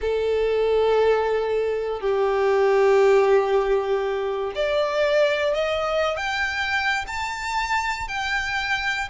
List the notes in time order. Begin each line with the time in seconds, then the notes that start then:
0.01 A4
2.00 G4
4.55 D5
5.53 D#5
6.17 G5
7.07 A5
8.07 G5